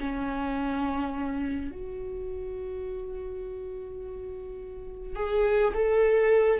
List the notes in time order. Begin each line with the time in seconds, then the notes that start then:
0.00 C#4
1.71 F#4
5.16 G#4
5.74 A4